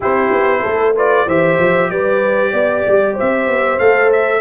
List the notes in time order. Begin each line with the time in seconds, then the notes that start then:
0.00 C4 E4 G4 C5
0.31 B3
0.61 A3 A4
0.95 F4 B4 D5
1.26 E3 G4 C5 E5
1.59 F3
1.90 G3 B4 D5
2.51 B3 D5
2.86 G3
3.13 C5 E5
3.20 C4
3.47 B3
3.78 A3 A4 F5
4.12 E5